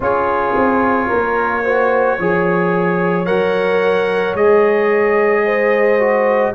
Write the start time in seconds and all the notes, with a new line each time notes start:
0.00 C#4 F4 G#4 C#5
0.55 C4
1.08 A#3 A#4
1.64 F#4 C5
2.17 F3 G#4 C#5
3.25 F#3 A#4 F#5
4.34 G#3 G#4 D#5
5.45 C5
5.99 F#4